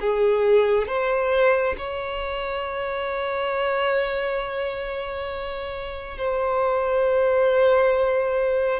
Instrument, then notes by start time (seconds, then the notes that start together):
violin
0.00 G#4
0.87 C5
1.78 C#5
6.18 C5